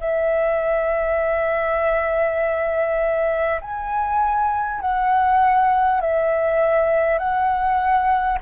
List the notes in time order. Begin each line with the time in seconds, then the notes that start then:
0.00 E5
3.61 G#5
4.81 F#5
6.01 E5
7.18 F#5